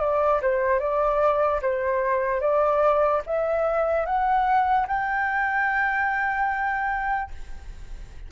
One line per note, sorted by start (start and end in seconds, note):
0.00 0.41 D5
0.41 0.79 C5
0.79 1.60 D5
1.61 2.40 C5
2.40 3.21 D5
3.26 4.05 E5
4.05 4.86 F#5
4.87 7.30 G5